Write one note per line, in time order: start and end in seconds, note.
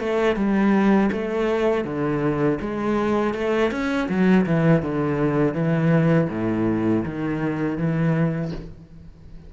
0.00 0.36 A3
0.36 1.10 G3
1.12 1.85 A3
1.85 2.59 D3
2.61 3.35 G#3
3.35 3.72 A3
3.72 4.09 C#4
4.09 4.46 F#3
4.46 4.83 E3
4.83 5.55 D3
5.55 6.29 E3
6.30 7.04 A2
7.05 7.78 D#3
7.78 8.52 E3